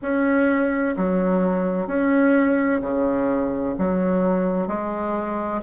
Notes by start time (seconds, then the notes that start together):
0.02 C#4
0.96 F#3
1.87 C#4
2.81 C#3
3.78 F#3
4.67 G#3